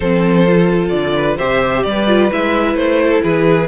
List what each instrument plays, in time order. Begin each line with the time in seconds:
0.00 cello F3, viola C4, violin A4 C5
0.46 viola F4
0.89 cello D3, violin D5
1.15 violin B4
1.37 cello C3, viola G4, violin C5 E5
1.83 cello G3, violin B4 D5
2.07 viola F4
2.31 cello G#3, viola E4, violin E5
2.74 cello A3, violin C5
3.03 violin A4
3.23 cello E3, violin G#4 B4